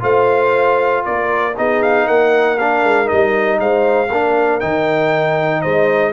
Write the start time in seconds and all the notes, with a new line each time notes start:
0.00 A3 F4 C5 F5
1.05 A#3 A#4 D5
1.57 B3 D#4 G#4 D#5
1.82 F5
2.07 A#3 A#4 F#5
2.58 D4 F5
2.84 G#3
3.05 D#4 D#5
3.12 G3
3.59 G#3 C5 F5
4.11 A#3 D4 A#4
4.60 D#3 D#4 G5
5.61 G#3 C5 D#5